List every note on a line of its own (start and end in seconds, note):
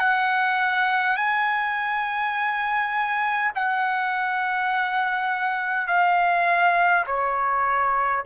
0.00 1.17 F#5
1.17 3.52 G#5
3.56 5.88 F#5
5.88 7.06 F5
7.07 8.25 C#5